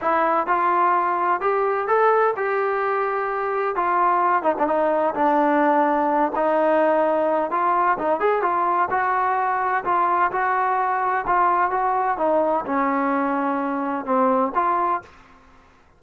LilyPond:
\new Staff \with { instrumentName = "trombone" } { \time 4/4 \tempo 4 = 128 e'4 f'2 g'4 | a'4 g'2. | f'4. dis'16 d'16 dis'4 d'4~ | d'4. dis'2~ dis'8 |
f'4 dis'8 gis'8 f'4 fis'4~ | fis'4 f'4 fis'2 | f'4 fis'4 dis'4 cis'4~ | cis'2 c'4 f'4 | }